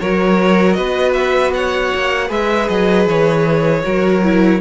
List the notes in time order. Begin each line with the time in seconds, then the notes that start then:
0.00 F#3 F#4 A#4 C#5
0.73 B3 B4 D#5
1.13 E5
1.54 C#5 F#5
1.94 A#3
2.28 G#3 G#4 B4 E5
2.69 F#3 D#5
3.06 E3 C#5
3.83 F#3 F#4 A#4
4.23 E4